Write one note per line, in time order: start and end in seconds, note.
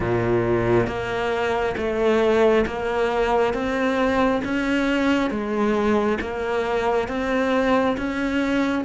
0.00 0.86 A#2
0.86 1.74 A#3
1.76 2.65 A3
2.66 3.53 A#3
3.53 4.41 C4
4.44 5.30 C#4
5.30 6.18 G#3
6.20 7.08 A#3
7.08 7.96 C4
7.97 8.84 C#4